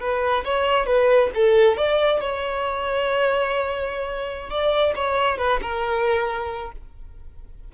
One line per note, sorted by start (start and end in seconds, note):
0.00 0.44 B4
0.45 0.86 C#5
0.86 1.30 B4
1.35 1.77 A4
1.77 2.21 D5
2.21 4.50 C#5
4.50 4.94 D5
4.95 5.38 C#5
5.38 5.60 B4
5.62 6.72 A#4